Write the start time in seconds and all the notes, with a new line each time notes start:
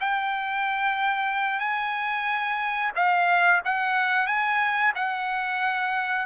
0.00 G5
1.59 G#5
2.95 F5
3.64 F#5
4.26 G#5
4.95 F#5